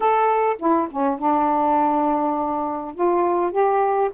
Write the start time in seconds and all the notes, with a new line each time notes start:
0.00 A4
0.59 E4
0.90 C#4
1.18 D4
2.94 F4
3.51 G4